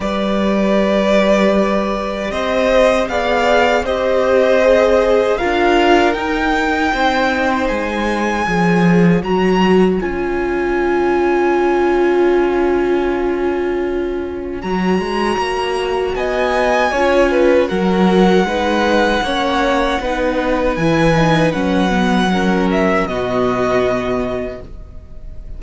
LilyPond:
<<
  \new Staff \with { instrumentName = "violin" } { \time 4/4 \tempo 4 = 78 d''2. dis''4 | f''4 dis''2 f''4 | g''2 gis''2 | ais''4 gis''2.~ |
gis''2. ais''4~ | ais''4 gis''2 fis''4~ | fis''2. gis''4 | fis''4. e''8 dis''2 | }
  \new Staff \with { instrumentName = "violin" } { \time 4/4 b'2. c''4 | d''4 c''2 ais'4~ | ais'4 c''2 cis''4~ | cis''1~ |
cis''1~ | cis''4 dis''4 cis''8 b'8 ais'4 | b'4 cis''4 b'2~ | b'4 ais'4 fis'2 | }
  \new Staff \with { instrumentName = "viola" } { \time 4/4 g'1 | gis'4 g'4 gis'4 f'4 | dis'2. gis'4 | fis'4 f'2.~ |
f'2. fis'4~ | fis'2 f'4 fis'4 | dis'4 cis'4 dis'4 e'8 dis'8 | cis'8 b8 cis'4 b2 | }
  \new Staff \with { instrumentName = "cello" } { \time 4/4 g2. c'4 | b4 c'2 d'4 | dis'4 c'4 gis4 f4 | fis4 cis'2.~ |
cis'2. fis8 gis8 | ais4 b4 cis'4 fis4 | gis4 ais4 b4 e4 | fis2 b,2 | }
>>